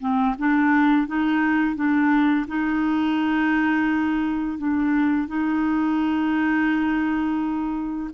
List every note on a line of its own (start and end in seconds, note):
0.00 0.35 C4
0.39 1.07 D4
1.07 1.76 D#4
1.76 2.46 D4
2.48 4.58 D#4
4.58 5.27 D4
5.27 8.10 D#4